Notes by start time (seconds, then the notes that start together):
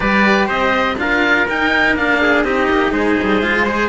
0.00 G3 G4 B4 D5
0.46 C4 C5 D#5
0.96 D4 F4 A#4 F5
1.47 D#4 G5
1.95 A#3 D4 F5
2.21 G#4
2.43 C4 D#4 G4 D#5
2.70 A#3
2.91 G#3 G#4 C5
3.22 G3
3.41 G#3 F4
3.64 G#4 C5